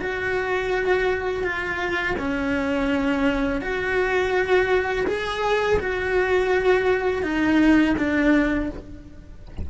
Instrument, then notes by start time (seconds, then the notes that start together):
cello
0.00 F#4
1.43 F4
2.18 C#4
3.61 F#4
5.07 G#4
5.80 F#4
7.23 D#4
7.97 D4